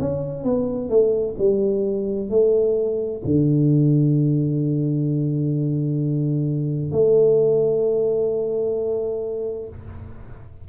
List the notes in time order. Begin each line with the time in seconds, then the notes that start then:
0.00 C#4
0.44 B3
0.89 A3
1.38 G3
2.30 A3
3.24 D3
6.91 A3